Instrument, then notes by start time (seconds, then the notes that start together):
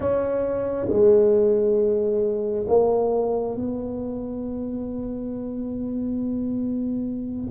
tuba
0.00 C#4
0.89 G#3
2.68 A#3
3.55 B3